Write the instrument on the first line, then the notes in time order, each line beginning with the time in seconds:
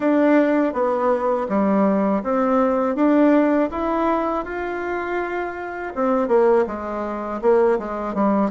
bassoon
0.00 D4
0.73 B3
1.48 G3
2.23 C4
2.95 D4
3.70 E4
4.44 F4
5.95 C4
6.28 A#3
6.66 G#3
7.41 A#3
7.78 G#3
8.14 G3